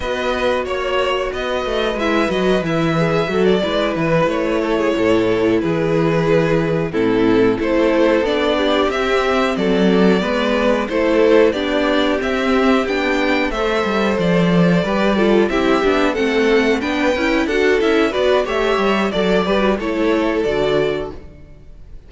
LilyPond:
<<
  \new Staff \with { instrumentName = "violin" } { \time 4/4 \tempo 4 = 91 dis''4 cis''4 dis''4 e''8 dis''8 | e''4~ e''16 d''8. b'8 cis''4.~ | cis''8 b'2 a'4 c''8~ | c''8 d''4 e''4 d''4.~ |
d''8 c''4 d''4 e''4 g''8~ | g''8 e''4 d''2 e''8~ | e''8 fis''4 g''4 fis''8 e''8 d''8 | e''4 d''8 b'8 cis''4 d''4 | }
  \new Staff \with { instrumentName = "violin" } { \time 4/4 b'4 cis''4 b'2~ | b'4 a'8 b'4. a'16 gis'16 a'8~ | a'8 gis'2 e'4 a'8~ | a'4 g'4. a'4 b'8~ |
b'8 a'4 g'2~ g'8~ | g'8 c''2 b'8 a'8 g'8~ | g'8 a'4 b'4 a'4 b'8 | cis''4 d''4 a'2 | }
  \new Staff \with { instrumentName = "viola" } { \time 4/4 fis'2. e'8 fis'8 | e'8 gis'8 fis'8 e'2~ e'8~ | e'2~ e'8 c'4 e'8~ | e'8 d'4 c'2 b8~ |
b8 e'4 d'4 c'4 d'8~ | d'8 a'2 g'8 f'8 e'8 | d'8 c'4 d'8 e'8 fis'8 e'8 fis'8 | g'4 a'8 g'16 fis'16 e'4 fis'4 | }
  \new Staff \with { instrumentName = "cello" } { \time 4/4 b4 ais4 b8 a8 gis8 fis8 | e4 fis8 gis8 e8 a4 a,8~ | a,8 e2 a,4 a8~ | a8 b4 c'4 fis4 gis8~ |
gis8 a4 b4 c'4 b8~ | b8 a8 g8 f4 g4 c'8 | b8 a4 b8 cis'8 d'8 cis'8 b8 | a8 g8 fis8 g8 a4 d4 | }
>>